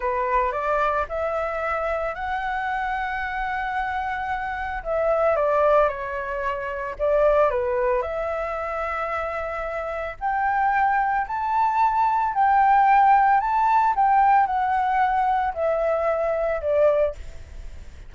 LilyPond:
\new Staff \with { instrumentName = "flute" } { \time 4/4 \tempo 4 = 112 b'4 d''4 e''2 | fis''1~ | fis''4 e''4 d''4 cis''4~ | cis''4 d''4 b'4 e''4~ |
e''2. g''4~ | g''4 a''2 g''4~ | g''4 a''4 g''4 fis''4~ | fis''4 e''2 d''4 | }